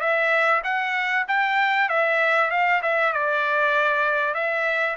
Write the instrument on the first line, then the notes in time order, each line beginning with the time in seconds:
trumpet
0.00 E5
0.64 F#5
1.28 G5
1.89 E5
2.51 F5
2.82 E5
3.13 D5
4.34 E5